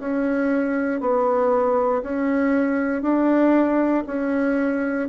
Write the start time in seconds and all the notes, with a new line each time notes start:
0.00 C#4
1.01 B3
2.02 C#4
3.02 D4
4.07 C#4